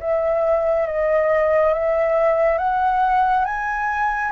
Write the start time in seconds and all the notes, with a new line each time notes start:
0.00 E5
0.87 D#5
1.74 E5
2.58 F#5
3.45 G#5